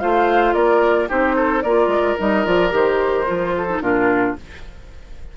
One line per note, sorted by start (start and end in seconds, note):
0.00 0.54 A3
0.00 1.08 F4
0.00 0.54 C5
0.00 0.54 F5
0.54 1.09 A#3
0.54 1.09 A#4
0.54 1.08 D5
1.08 1.64 C4
1.08 1.63 D#4
1.08 1.36 G4
1.08 1.62 C5
1.36 1.63 A4
1.62 1.87 A#3
1.62 2.18 F4
1.62 3.55 A#4
1.62 2.17 D5
1.87 2.14 G#3
2.18 2.46 G3
2.18 2.45 D#4
2.18 2.46 D#5
2.45 2.72 F3
2.45 2.71 F4
2.45 2.74 D5
2.71 3.26 D#3
2.71 3.25 G4
2.71 3.82 C5
3.26 3.80 F3
3.26 3.67 F4
3.57 3.82 A4
3.69 3.82 D#4
3.80 4.35 A#2
3.80 4.37 D4
3.80 4.37 F4
3.80 4.36 A#4